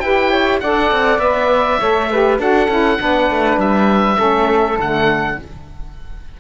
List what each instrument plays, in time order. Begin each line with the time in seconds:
0.00 cello E4, saxophone G4, flute B4, oboe G5
0.31 flute C#5
0.61 cello D4, saxophone A4, flute D5, oboe F#5
0.91 cello C4
1.18 cello B3, saxophone B4, oboe E5
1.80 cello A3, saxophone A4, flute C#5
2.11 saxophone G4, flute B4
2.39 cello D4, saxophone F#4, flute A4, oboe F#5
2.68 cello C#4, saxophone E4
2.98 cello B3, saxophone D4, flute B4
3.30 cello A3
3.57 cello G3, oboe E5
4.16 cello A3, saxophone C#4, flute A4
4.78 cello D3, saxophone A3, oboe F#5